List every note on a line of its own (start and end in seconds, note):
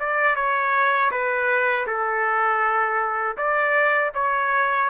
0.00 0.36 D5
0.36 1.11 C#5
1.12 1.87 B4
1.87 3.37 A4
3.38 4.12 D5
4.15 4.90 C#5